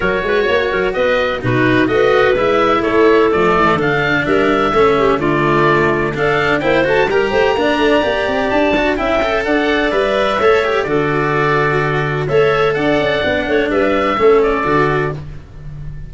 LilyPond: <<
  \new Staff \with { instrumentName = "oboe" } { \time 4/4 \tempo 4 = 127 cis''2 dis''4 b'4 | dis''4 e''4 cis''4 d''4 | f''4 e''2 d''4~ | d''4 f''4 g''8 a''8 ais''4~ |
ais''2 a''4 g''4 | fis''4 e''2 d''4~ | d''2 e''4 fis''4~ | fis''4 e''4. d''4. | }
  \new Staff \with { instrumentName = "clarinet" } { \time 4/4 ais'8 b'8 cis''8 ais'8 b'4 fis'4 | b'2 a'2~ | a'4 ais'4 a'8 g'8 f'4~ | f'4 a'4 c''4 ais'8 c''8 |
d''2. e''4 | d''2 cis''4 a'4~ | a'2 cis''4 d''4~ | d''8 cis''8 b'4 a'2 | }
  \new Staff \with { instrumentName = "cello" } { \time 4/4 fis'2. dis'4 | fis'4 e'2 a4 | d'2 cis'4 a4~ | a4 d'4 e'8 fis'8 g'4 |
d'4 g'4. fis'8 e'8 a'8~ | a'4 b'4 a'8 g'8 fis'4~ | fis'2 a'2 | d'2 cis'4 fis'4 | }
  \new Staff \with { instrumentName = "tuba" } { \time 4/4 fis8 gis8 ais8 fis8 b4 b,4 | a4 gis4 a4 f8 e8 | d4 g4 a4 d4~ | d4 d'4 ais8 a8 g8 a8 |
ais8 a8 ais8 c'8 d'4 cis'4 | d'4 g4 a4 d4~ | d2 a4 d'8 cis'8 | b8 a8 g4 a4 d4 | }
>>